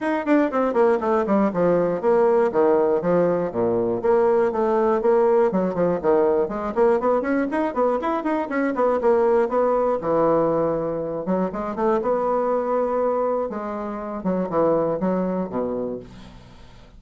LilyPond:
\new Staff \with { instrumentName = "bassoon" } { \time 4/4 \tempo 4 = 120 dis'8 d'8 c'8 ais8 a8 g8 f4 | ais4 dis4 f4 ais,4 | ais4 a4 ais4 fis8 f8 | dis4 gis8 ais8 b8 cis'8 dis'8 b8 |
e'8 dis'8 cis'8 b8 ais4 b4 | e2~ e8 fis8 gis8 a8 | b2. gis4~ | gis8 fis8 e4 fis4 b,4 | }